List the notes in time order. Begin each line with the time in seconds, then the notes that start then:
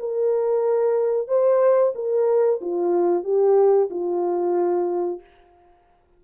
0.00 A#4
1.28 C5
1.95 A#4
2.61 F4
3.24 G4
3.90 F4